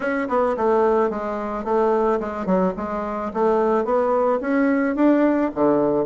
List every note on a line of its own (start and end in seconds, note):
0.00 0.28 C#4
0.28 0.56 B3
0.57 1.09 A3
1.09 1.64 G#3
1.64 2.19 A3
2.20 2.45 G#3
2.45 2.73 F#3
2.76 3.32 G#3
3.33 3.84 A3
3.84 4.39 B3
4.40 4.95 C#4
4.95 5.50 D4
5.54 6.05 D3